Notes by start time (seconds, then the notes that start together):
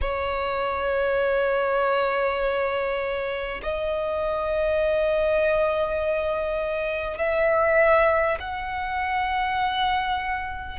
0.01 C#5
3.62 D#5
7.18 E5
8.39 F#5